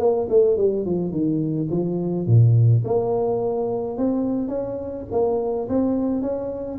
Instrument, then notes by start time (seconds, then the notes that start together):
tuba
0.00 A#3
0.30 A3
0.57 G3
0.86 F3
1.12 D#3
1.71 F3
2.27 A#2
2.85 A#3
3.98 C4
4.49 C#4
5.12 A#3
5.69 C4
6.22 C#4